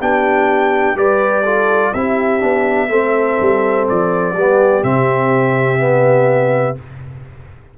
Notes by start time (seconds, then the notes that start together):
0.00 B3 D4 G4 G5
0.95 G3 G4 B4 D5
1.44 F4 A4
1.93 C4 E4 G4 E5
2.40 B3 D4
2.89 A3 C4 A4
3.41 G3
3.89 F3 D5
4.34 G3 B3 G4
4.83 C3 C4 E5
5.79 B3